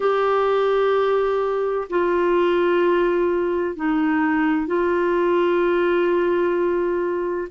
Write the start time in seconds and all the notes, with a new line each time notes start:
0.00 G4
1.89 F4
3.75 D#4
4.66 F4